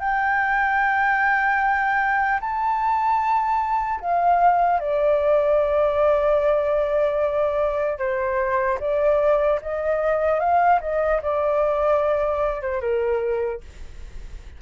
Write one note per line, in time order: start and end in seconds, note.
0.00 2.40 G5
2.40 4.00 A5
4.01 4.79 F5
4.79 7.99 D5
7.99 8.79 C5
8.80 9.60 D5
9.61 10.39 D#5
10.39 10.79 F5
10.81 11.21 D#5
11.22 12.61 D5
12.61 12.81 C5
12.81 13.61 A#4